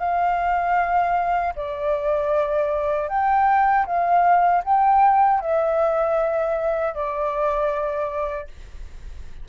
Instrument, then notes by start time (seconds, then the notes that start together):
flute
0.00 F5
1.56 D5
3.09 G5
3.86 F5
4.64 G5
5.41 E5
6.94 D5